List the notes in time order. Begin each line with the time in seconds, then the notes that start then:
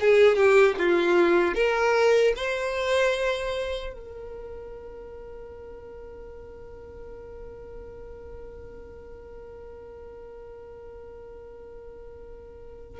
0.00 G#4
0.36 G4
0.78 F4
1.54 A#4
2.36 C5
3.93 A#4